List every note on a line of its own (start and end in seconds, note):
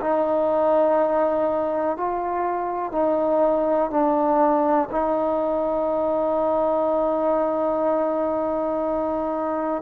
0.00 1.96 D#4
1.96 2.92 F4
2.92 3.90 D#4
3.90 4.89 D4
4.91 9.82 D#4